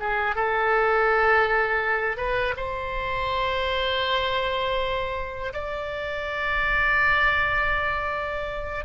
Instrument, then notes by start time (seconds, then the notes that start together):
oboe
0.00 G#4
0.36 A4
2.17 B4
2.57 C5
5.54 D5